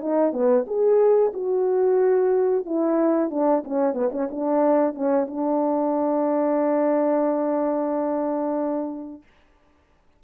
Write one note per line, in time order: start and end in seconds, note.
0.00 0.32 D#4
0.32 0.65 B3
0.67 1.32 G#4
1.33 2.65 F#4
2.65 3.30 E4
3.30 3.63 D4
3.64 3.94 C#4
3.94 4.10 B3
4.12 4.29 C#4
4.30 4.95 D4
4.95 5.27 C#4
5.27 9.22 D4